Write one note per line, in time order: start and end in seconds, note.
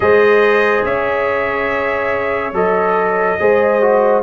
0.00 0.83 G#3
0.00 2.52 G#4
0.00 0.86 C5
0.00 0.83 D#5
0.83 2.52 C#4
0.83 3.39 C#5
0.83 2.54 E5
2.52 3.36 F#3
2.52 3.38 A4
2.52 4.22 D#5
3.39 4.22 G#3
3.39 3.81 G#4
3.39 4.22 C5
3.81 4.22 F#4